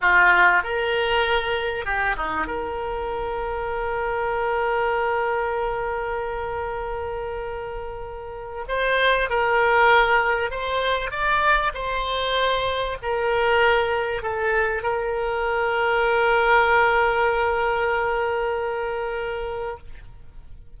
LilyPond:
\new Staff \with { instrumentName = "oboe" } { \time 4/4 \tempo 4 = 97 f'4 ais'2 g'8 dis'8 | ais'1~ | ais'1~ | ais'2 c''4 ais'4~ |
ais'4 c''4 d''4 c''4~ | c''4 ais'2 a'4 | ais'1~ | ais'1 | }